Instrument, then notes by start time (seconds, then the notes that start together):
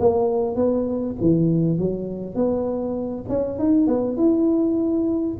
tuba
0.00 A#3
0.56 B3
1.21 E3
1.79 F#3
2.36 B3
3.29 C#4
3.59 D#4
3.88 B3
4.17 E4